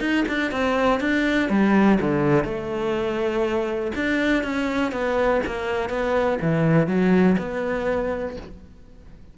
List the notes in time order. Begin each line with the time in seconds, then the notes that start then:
0.00 D#4
0.28 D4
0.51 C4
1.00 D4
1.49 G3
2.00 D3
2.44 A3
3.95 D4
4.43 C#4
4.92 B3
5.46 A#3
5.89 B3
6.41 E3
6.87 F#3
7.38 B3